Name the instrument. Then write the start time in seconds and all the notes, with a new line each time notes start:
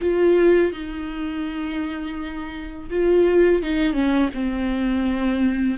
viola
0.01 F4
0.72 D#4
2.89 F4
3.62 D#4
3.93 C#4
4.34 C4